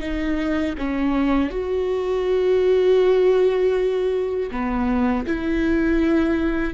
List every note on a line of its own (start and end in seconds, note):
0.00 0.75 D#4
0.78 1.50 C#4
1.50 4.50 F#4
4.51 5.26 B3
5.26 6.74 E4